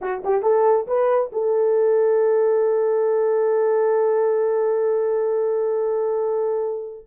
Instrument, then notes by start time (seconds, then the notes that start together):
horn
0.01 F#4
0.24 G4
0.42 A4
0.87 B4
1.32 A4